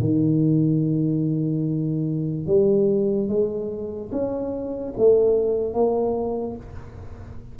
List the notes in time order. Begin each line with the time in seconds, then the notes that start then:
0.00 D#3
2.46 G3
3.28 G#3
4.11 C#4
4.97 A3
5.73 A#3